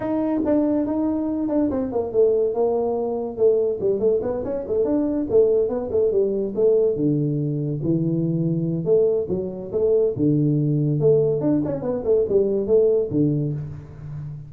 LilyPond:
\new Staff \with { instrumentName = "tuba" } { \time 4/4 \tempo 4 = 142 dis'4 d'4 dis'4. d'8 | c'8 ais8 a4 ais2 | a4 g8 a8 b8 cis'8 a8 d'8~ | d'8 a4 b8 a8 g4 a8~ |
a8 d2 e4.~ | e4 a4 fis4 a4 | d2 a4 d'8 cis'8 | b8 a8 g4 a4 d4 | }